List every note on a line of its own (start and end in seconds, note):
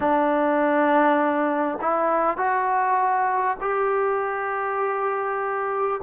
0.00 1.78 D4
1.81 2.37 E4
2.37 3.57 F#4
3.61 6.01 G4